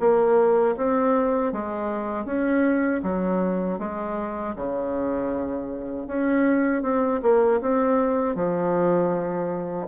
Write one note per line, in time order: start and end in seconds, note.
0.00 0.76 A#3
0.77 1.53 C4
1.53 2.26 G#3
2.26 3.02 C#4
3.03 3.79 F#3
3.79 4.55 G#3
4.56 6.08 C#3
6.08 6.83 C#4
6.83 7.21 C4
7.23 7.61 A#3
7.62 8.36 C4
8.36 9.88 F3